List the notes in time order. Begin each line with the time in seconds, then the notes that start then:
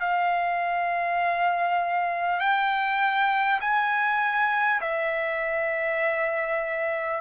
0.00 F5
2.39 G5
3.61 G#5
4.81 E5